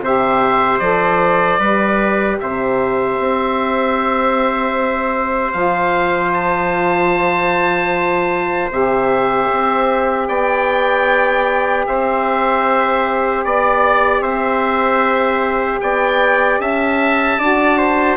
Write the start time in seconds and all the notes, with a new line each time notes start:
0.00 C3 G4 C5 E5
0.79 F3 A4 D5
1.59 G3 G4 B4
2.39 C3 C5 E5
3.18 C4
5.52 F3 F4 F5
6.33 A5
8.70 C3 G4 E5
9.51 C4
10.27 B3 D5 G5
11.86 C4 C5 E5
13.44 B3 D5
14.20 C4 C5 E5
15.80 B3 D5 G5
16.59 C#4 E5 A5
17.38 D4 F#4 D5
17.77 C5